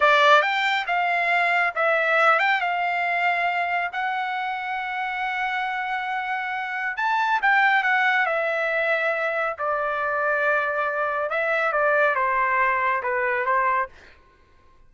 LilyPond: \new Staff \with { instrumentName = "trumpet" } { \time 4/4 \tempo 4 = 138 d''4 g''4 f''2 | e''4. g''8 f''2~ | f''4 fis''2.~ | fis''1 |
a''4 g''4 fis''4 e''4~ | e''2 d''2~ | d''2 e''4 d''4 | c''2 b'4 c''4 | }